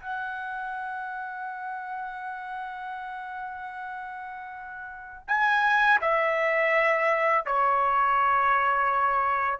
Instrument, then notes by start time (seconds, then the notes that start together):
trumpet
0.00 F#5
5.28 G#5
6.01 E5
7.46 C#5